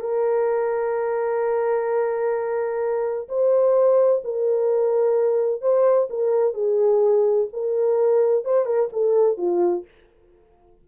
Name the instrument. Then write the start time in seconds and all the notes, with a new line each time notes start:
horn
0.00 A#4
3.29 C5
4.24 A#4
5.61 C5
6.10 A#4
6.54 G#4
7.53 A#4
8.45 C5
8.66 A#4
8.93 A4
9.37 F4